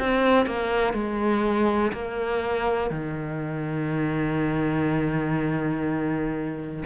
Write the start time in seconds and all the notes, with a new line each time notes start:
0.00 C4
0.47 A#3
0.94 G#3
1.93 A#3
2.91 D#3